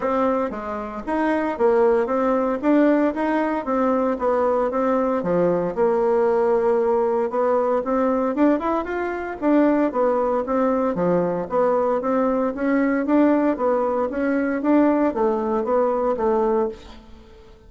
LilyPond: \new Staff \with { instrumentName = "bassoon" } { \time 4/4 \tempo 4 = 115 c'4 gis4 dis'4 ais4 | c'4 d'4 dis'4 c'4 | b4 c'4 f4 ais4~ | ais2 b4 c'4 |
d'8 e'8 f'4 d'4 b4 | c'4 f4 b4 c'4 | cis'4 d'4 b4 cis'4 | d'4 a4 b4 a4 | }